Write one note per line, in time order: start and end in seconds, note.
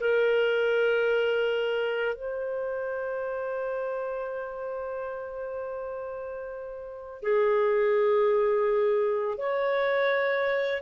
0.00 2.16 A#4
2.16 7.22 C5
7.22 9.37 G#4
9.37 10.82 C#5